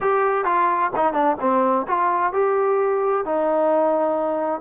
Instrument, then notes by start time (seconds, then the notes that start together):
trombone
0.01 G4
0.44 F4
0.95 D#4
1.13 D4
1.40 C4
1.87 F4
2.32 G4
3.25 D#4